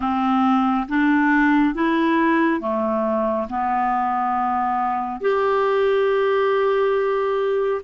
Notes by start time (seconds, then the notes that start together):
0.00 C4
0.88 D4
1.74 E4
2.60 A3
3.49 B3
5.20 G4